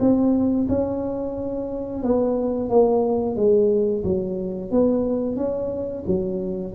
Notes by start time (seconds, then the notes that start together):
0.00 C4
0.69 C#4
2.03 B3
2.70 A#3
3.36 G#3
4.04 F#3
4.72 B3
5.37 C#4
6.07 F#3